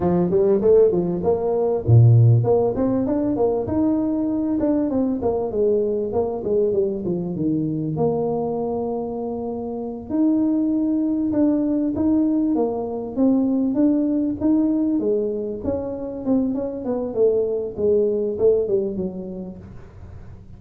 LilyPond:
\new Staff \with { instrumentName = "tuba" } { \time 4/4 \tempo 4 = 98 f8 g8 a8 f8 ais4 ais,4 | ais8 c'8 d'8 ais8 dis'4. d'8 | c'8 ais8 gis4 ais8 gis8 g8 f8 | dis4 ais2.~ |
ais8 dis'2 d'4 dis'8~ | dis'8 ais4 c'4 d'4 dis'8~ | dis'8 gis4 cis'4 c'8 cis'8 b8 | a4 gis4 a8 g8 fis4 | }